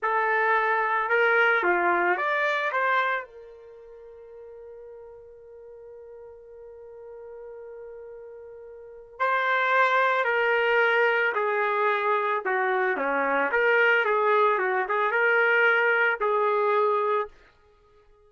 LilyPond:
\new Staff \with { instrumentName = "trumpet" } { \time 4/4 \tempo 4 = 111 a'2 ais'4 f'4 | d''4 c''4 ais'2~ | ais'1~ | ais'1~ |
ais'4 c''2 ais'4~ | ais'4 gis'2 fis'4 | cis'4 ais'4 gis'4 fis'8 gis'8 | ais'2 gis'2 | }